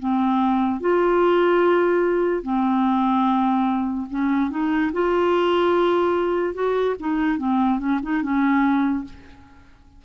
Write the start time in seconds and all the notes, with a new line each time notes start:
0.00 C4
0.81 F4
2.43 C4
4.10 C#4
4.51 D#4
4.93 F4
6.54 F#4
7.00 D#4
7.39 C4
7.80 C#4
8.03 D#4
8.23 C#4